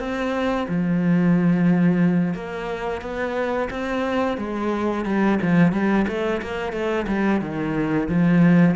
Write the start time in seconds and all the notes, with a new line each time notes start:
0.00 C4
0.69 F3
2.35 A#3
3.02 B3
3.71 C4
4.38 G#3
5.05 G3
5.42 F3
5.72 G3
6.08 A3
6.42 A#3
6.73 A3
7.08 G3
7.41 D#3
8.09 F3